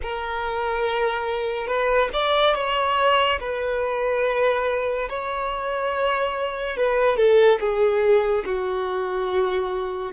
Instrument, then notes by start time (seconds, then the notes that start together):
violin
0.02 A#4
1.67 B4
2.13 D5
2.54 C#5
3.40 B4
5.09 C#5
6.76 B4
7.16 A4
7.59 G#4
8.45 F#4